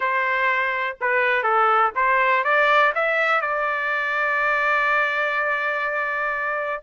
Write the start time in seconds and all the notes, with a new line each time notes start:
0.00 C5
1.00 B4
1.43 A4
1.95 C5
2.44 D5
2.94 E5
3.41 D5